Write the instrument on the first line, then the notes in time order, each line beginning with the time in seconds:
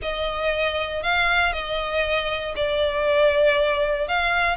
violin
0.02 D#5
1.02 F5
1.52 D#5
2.56 D5
4.08 F5